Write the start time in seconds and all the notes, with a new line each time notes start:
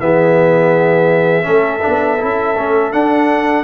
0.00 E3 B3 G#4 E5
1.43 A3 C#4 A4
1.82 B3 D4
2.19 C#4 E4
2.57 A3 C#4
2.93 D4 F#5